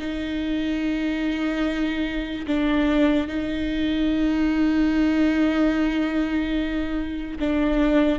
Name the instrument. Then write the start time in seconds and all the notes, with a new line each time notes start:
viola
0.00 D#4
2.47 D4
3.28 D#4
7.40 D4